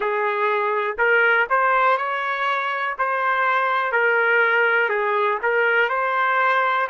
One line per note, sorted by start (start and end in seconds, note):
0.00 0.97 G#4
0.98 1.47 A#4
1.49 1.97 C5
1.97 2.96 C#5
2.98 3.92 C5
3.92 4.89 A#4
4.89 5.38 G#4
5.42 5.89 A#4
5.89 6.87 C5